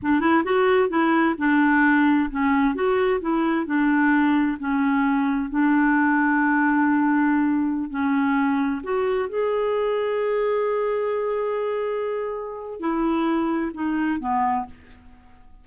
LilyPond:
\new Staff \with { instrumentName = "clarinet" } { \time 4/4 \tempo 4 = 131 d'8 e'8 fis'4 e'4 d'4~ | d'4 cis'4 fis'4 e'4 | d'2 cis'2 | d'1~ |
d'4~ d'16 cis'2 fis'8.~ | fis'16 gis'2.~ gis'8.~ | gis'1 | e'2 dis'4 b4 | }